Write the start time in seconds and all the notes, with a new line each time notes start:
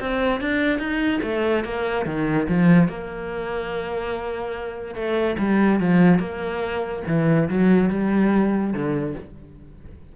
0.00 C4
0.41 D4
0.79 D#4
1.23 A3
1.64 A#3
2.05 D#3
2.48 F3
2.88 A#3
4.95 A3
5.38 G3
5.80 F3
6.19 A#3
7.07 E3
7.49 F#3
7.90 G3
8.73 D3